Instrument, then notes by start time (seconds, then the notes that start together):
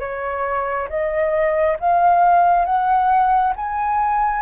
flute
0.00 C#5
0.89 D#5
1.80 F5
2.65 F#5
3.56 G#5